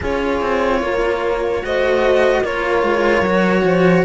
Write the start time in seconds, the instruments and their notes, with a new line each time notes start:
0.00 cello C#4 F4, horn G#4, violin C#5
0.41 cello C4
0.82 cello A#3, horn A#4
1.62 cello A3 F#4, horn C5, violin D#5
2.42 cello A#3 F4, horn A#4, violin C#5
2.82 cello G#3
3.21 cello F#3 F#4
3.63 cello F3, horn C5